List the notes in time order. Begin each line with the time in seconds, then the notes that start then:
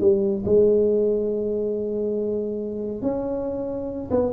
0.00 G3
0.45 G#3
3.02 C#4
4.10 B3